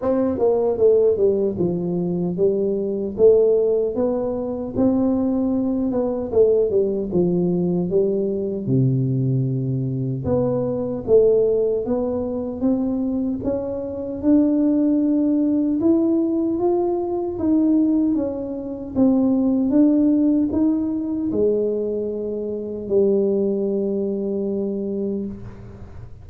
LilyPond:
\new Staff \with { instrumentName = "tuba" } { \time 4/4 \tempo 4 = 76 c'8 ais8 a8 g8 f4 g4 | a4 b4 c'4. b8 | a8 g8 f4 g4 c4~ | c4 b4 a4 b4 |
c'4 cis'4 d'2 | e'4 f'4 dis'4 cis'4 | c'4 d'4 dis'4 gis4~ | gis4 g2. | }